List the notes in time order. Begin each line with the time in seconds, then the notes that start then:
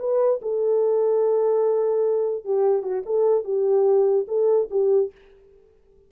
0.00 B4
0.42 A4
2.45 G4
2.83 F#4
3.06 A4
3.45 G4
4.28 A4
4.71 G4